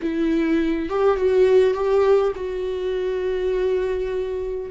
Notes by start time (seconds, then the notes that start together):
0.02 E4
0.89 G4
1.17 F#4
1.74 G4
2.35 F#4